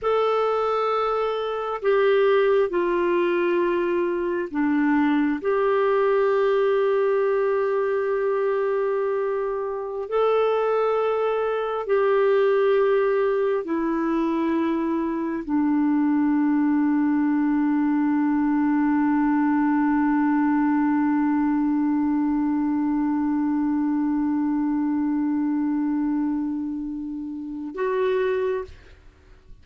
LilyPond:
\new Staff \with { instrumentName = "clarinet" } { \time 4/4 \tempo 4 = 67 a'2 g'4 f'4~ | f'4 d'4 g'2~ | g'2.~ g'16 a'8.~ | a'4~ a'16 g'2 e'8.~ |
e'4~ e'16 d'2~ d'8.~ | d'1~ | d'1~ | d'2. fis'4 | }